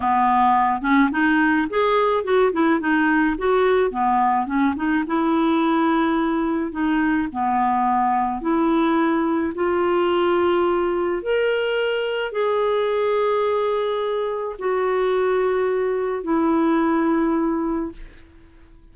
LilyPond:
\new Staff \with { instrumentName = "clarinet" } { \time 4/4 \tempo 4 = 107 b4. cis'8 dis'4 gis'4 | fis'8 e'8 dis'4 fis'4 b4 | cis'8 dis'8 e'2. | dis'4 b2 e'4~ |
e'4 f'2. | ais'2 gis'2~ | gis'2 fis'2~ | fis'4 e'2. | }